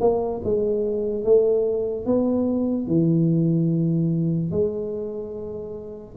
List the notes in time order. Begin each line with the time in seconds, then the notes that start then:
0.00 A#3
0.44 G#3
1.24 A3
2.05 B3
2.87 E3
4.51 G#3